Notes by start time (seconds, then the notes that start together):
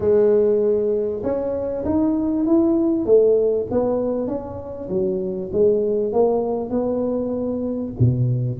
0.00 G#3
1.23 C#4
1.85 D#4
2.45 E4
3.05 A3
3.70 B3
4.27 C#4
4.89 F#3
5.52 G#3
6.13 A#3
6.70 B3
7.99 B2